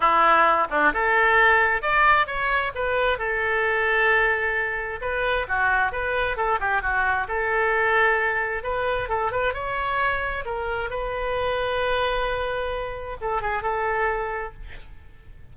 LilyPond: \new Staff \with { instrumentName = "oboe" } { \time 4/4 \tempo 4 = 132 e'4. d'8 a'2 | d''4 cis''4 b'4 a'4~ | a'2. b'4 | fis'4 b'4 a'8 g'8 fis'4 |
a'2. b'4 | a'8 b'8 cis''2 ais'4 | b'1~ | b'4 a'8 gis'8 a'2 | }